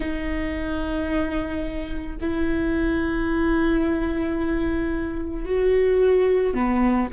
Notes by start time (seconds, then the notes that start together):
0.00 D#4
2.20 E4
5.45 F#4
6.54 B3